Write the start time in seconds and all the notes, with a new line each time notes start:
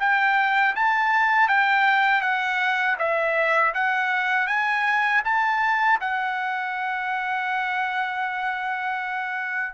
0.00 G5
0.76 A5
1.48 G5
2.22 F#5
2.99 E5
3.74 F#5
4.47 G#5
5.25 A5
6.01 F#5